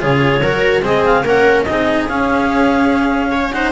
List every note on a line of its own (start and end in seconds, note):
0.00 0.42 C#3
0.00 0.41 F4
0.00 0.42 G#4
0.00 0.85 C#5
0.42 0.81 F#3
0.42 0.83 F#4
0.42 0.84 A#4
0.81 1.23 G#3
0.81 1.24 C4
0.81 1.25 G#4
0.81 1.06 D#5
1.06 1.26 F5
1.23 1.65 A#3
1.23 1.67 C#4
1.23 1.66 A#4
1.23 1.64 F#5
1.64 2.10 C4
1.64 2.10 D#4
1.64 2.05 D#5
1.70 3.32 G#4
2.08 3.53 C#4
2.08 3.72 C#4
2.08 3.52 F5
3.32 3.53 C#5
3.52 3.72 D#4
3.52 3.72 C5
3.52 3.72 F#5